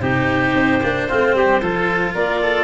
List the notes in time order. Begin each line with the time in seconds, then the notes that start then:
0.00 C3 D#4 G4 C5
0.54 C4
0.83 A#3 D4
1.09 A3 C4 F4
1.34 G3 G4
1.61 F3 F4 A4
2.14 A#3 A#4 D5
2.42 A4